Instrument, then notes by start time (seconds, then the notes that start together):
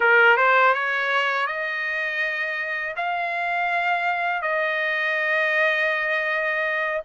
trumpet
0.00 A#4
0.37 C5
0.74 C#5
1.46 D#5
2.96 F5
4.41 D#5